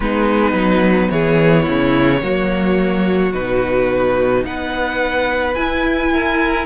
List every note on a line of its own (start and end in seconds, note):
0.00 0.53 G#3
0.00 2.21 B3
0.00 1.12 D#4
0.00 1.10 B4
0.53 1.08 F#3
1.10 1.66 E3
1.10 1.62 G#4
1.10 3.32 C#5
1.62 2.22 C#3
1.62 2.18 E4
2.21 3.33 F#3
2.21 3.32 A#3
2.21 4.44 F#4
3.33 4.44 B2
3.33 5.56 D#4
3.33 4.44 B4
4.44 5.55 B3
4.44 6.12 B4
4.44 5.54 F#5
5.54 6.65 E4
5.54 6.65 G#5
6.12 6.65 A#4